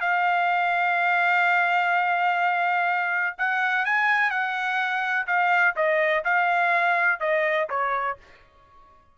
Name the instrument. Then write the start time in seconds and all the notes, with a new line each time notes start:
trumpet
0.00 F5
3.37 F#5
3.85 G#5
4.30 F#5
5.26 F5
5.76 D#5
6.24 F5
7.20 D#5
7.69 C#5